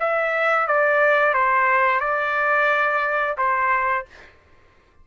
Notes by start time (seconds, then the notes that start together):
0.00 E5
0.67 D5
1.34 C5
2.00 D5
3.37 C5